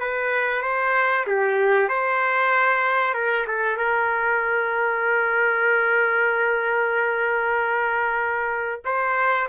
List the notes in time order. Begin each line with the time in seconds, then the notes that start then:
0.00 B4
0.62 C5
1.27 G4
1.89 C5
3.14 A#4
3.47 A4
3.77 A#4
8.85 C5